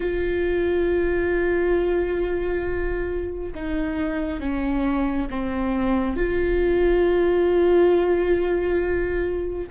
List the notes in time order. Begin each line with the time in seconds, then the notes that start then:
0.00 F4
3.55 D#4
4.40 C#4
5.30 C4
6.16 F4